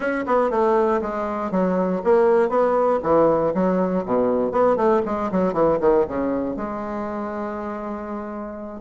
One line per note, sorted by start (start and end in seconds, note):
0.00 0.24 C#4
0.26 0.50 B3
0.50 1.00 A3
1.01 1.51 G#3
1.51 2.01 F#3
2.04 2.49 A#3
2.49 2.99 B3
3.02 3.53 E3
3.54 4.05 F#3
4.05 4.51 B2
4.51 4.76 B3
4.76 5.01 A3
5.05 5.30 G#3
5.31 5.53 F#3
5.53 5.78 E3
5.80 6.05 D#3
6.08 6.56 C#3
6.56 8.81 G#3